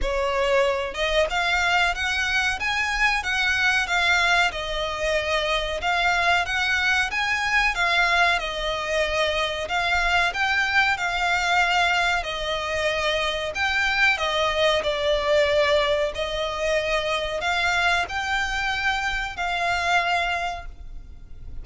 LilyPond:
\new Staff \with { instrumentName = "violin" } { \time 4/4 \tempo 4 = 93 cis''4. dis''8 f''4 fis''4 | gis''4 fis''4 f''4 dis''4~ | dis''4 f''4 fis''4 gis''4 | f''4 dis''2 f''4 |
g''4 f''2 dis''4~ | dis''4 g''4 dis''4 d''4~ | d''4 dis''2 f''4 | g''2 f''2 | }